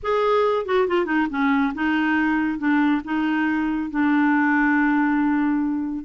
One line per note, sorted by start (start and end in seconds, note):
0.03 0.65 G#4
0.65 0.87 F#4
0.87 1.05 F4
1.05 1.27 D#4
1.29 1.73 C#4
1.74 2.58 D#4
2.58 3.01 D4
3.04 3.90 D#4
3.90 6.04 D4